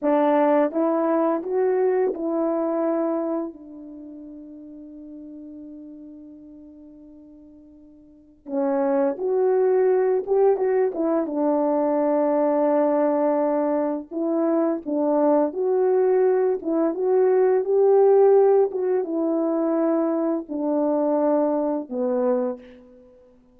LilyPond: \new Staff \with { instrumentName = "horn" } { \time 4/4 \tempo 4 = 85 d'4 e'4 fis'4 e'4~ | e'4 d'2.~ | d'1 | cis'4 fis'4. g'8 fis'8 e'8 |
d'1 | e'4 d'4 fis'4. e'8 | fis'4 g'4. fis'8 e'4~ | e'4 d'2 b4 | }